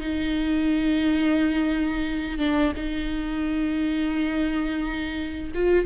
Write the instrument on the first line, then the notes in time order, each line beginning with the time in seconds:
viola
0.00 D#4
2.38 D4
2.76 D#4
5.55 F4